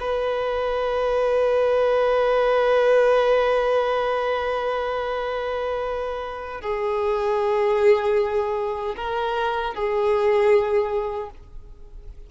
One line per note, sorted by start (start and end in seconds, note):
0.00 6.61 B4
6.61 8.95 G#4
8.96 9.74 A#4
9.74 11.30 G#4